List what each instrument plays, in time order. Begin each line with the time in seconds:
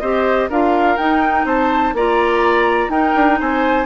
0.00 bassoon C4, clarinet G4, oboe C5, flute D#5
0.49 bassoon D4, clarinet F4, oboe A#4, flute F5
0.97 clarinet D#4, bassoon D#4, flute G5
1.44 bassoon C4, oboe C5, flute A5
1.93 bassoon A#3, clarinet F4, oboe D5, flute A#5
2.89 bassoon D#4, clarinet D#4, oboe A#4, flute G5
3.15 bassoon D4
3.39 bassoon C4, oboe C5, flute G#5